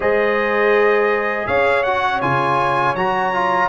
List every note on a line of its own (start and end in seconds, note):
0.00 1.47 G#3
0.00 1.85 G#4
0.00 1.47 C5
0.00 1.46 D#5
1.46 2.21 C#4
1.46 3.68 C#5
1.46 1.83 F5
1.83 2.22 F#4
1.83 2.20 F#5
2.21 2.94 C#3
2.21 2.96 F4
2.21 2.95 G#5
2.94 3.68 F#3
2.94 3.33 F#4
2.94 3.68 A#5
3.33 3.68 F4